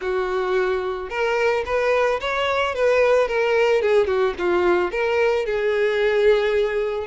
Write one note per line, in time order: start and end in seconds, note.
0.01 1.09 F#4
1.09 1.64 A#4
1.65 2.20 B4
2.20 2.74 C#5
2.74 3.28 B4
3.28 3.81 A#4
3.81 4.06 G#4
4.06 4.34 F#4
4.38 4.91 F4
4.91 5.45 A#4
5.45 7.07 G#4